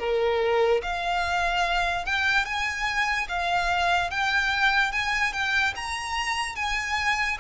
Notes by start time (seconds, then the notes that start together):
0.00 A#4
0.83 F5
2.06 G5
2.46 G#5
3.29 F5
4.11 G5
4.93 G#5
5.33 G5
5.76 A#5
6.56 G#5